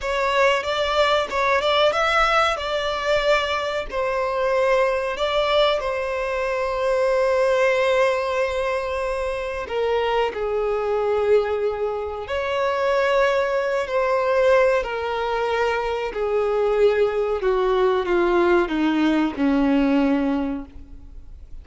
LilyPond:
\new Staff \with { instrumentName = "violin" } { \time 4/4 \tempo 4 = 93 cis''4 d''4 cis''8 d''8 e''4 | d''2 c''2 | d''4 c''2.~ | c''2. ais'4 |
gis'2. cis''4~ | cis''4. c''4. ais'4~ | ais'4 gis'2 fis'4 | f'4 dis'4 cis'2 | }